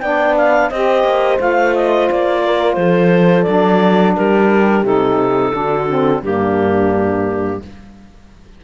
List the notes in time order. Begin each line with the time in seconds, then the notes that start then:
0.00 B3 D4 D5 G5
0.37 F5
0.70 C4 G4 C5 D#5
1.04 A#3
1.38 A3 F4 F5
1.75 D#5
2.10 A#3 D5
2.45 A#4
2.74 F3 A4 C5
3.43 F#3 D4 D5
4.15 G3 G4 A#4
4.83 C3 D#4 A4
5.52 D3 D4 F#4
5.88 C4
6.22 G2 A#3 D4 G4